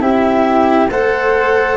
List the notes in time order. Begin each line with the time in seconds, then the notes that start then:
0.00 C4 E4 G4 E5
0.91 A3 A4 C5 F#5